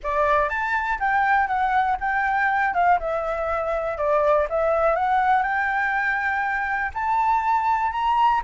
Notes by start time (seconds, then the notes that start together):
0.03 D5
0.49 A5
0.99 G5
1.47 F#5
2.00 G5
2.74 F5
2.99 E5
3.97 D5
4.49 E5
4.95 F#5
5.42 G5
6.94 A5
7.91 A#5